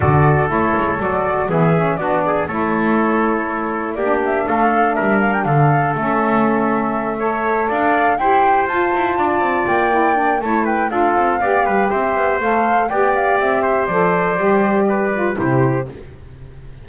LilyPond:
<<
  \new Staff \with { instrumentName = "flute" } { \time 4/4 \tempo 4 = 121 d''4 cis''4 d''4 e''4 | d''4 cis''2. | d''8 e''8 f''4 e''8 f''16 g''16 f''4 | e''2.~ e''8 f''8~ |
f''8 g''4 a''2 g''8~ | g''4 a''8 g''8 f''2 | e''4 f''4 g''8 f''8 e''4 | d''2. c''4 | }
  \new Staff \with { instrumentName = "trumpet" } { \time 4/4 a'2. gis'4 | fis'8 gis'8 a'2. | g'4 a'4 ais'4 a'4~ | a'2~ a'8 cis''4 d''8~ |
d''8 c''2 d''4.~ | d''4 cis''8 b'8 a'4 d''8 b'8 | c''2 d''4. c''8~ | c''2 b'4 g'4 | }
  \new Staff \with { instrumentName = "saxophone" } { \time 4/4 fis'4 e'4 fis'4 b8 cis'8 | d'4 e'2. | d'1 | cis'2~ cis'8 a'4.~ |
a'8 g'4 f'2~ f'8 | e'8 d'8 e'4 f'4 g'4~ | g'4 a'4 g'2 | a'4 g'4. f'8 e'4 | }
  \new Staff \with { instrumentName = "double bass" } { \time 4/4 d4 a8 gis8 fis4 e4 | b4 a2. | ais4 a4 g4 d4 | a2.~ a8 d'8~ |
d'8 e'4 f'8 e'8 d'8 c'8 ais8~ | ais4 a4 d'8 c'8 b8 g8 | c'8 b8 a4 b4 c'4 | f4 g2 c4 | }
>>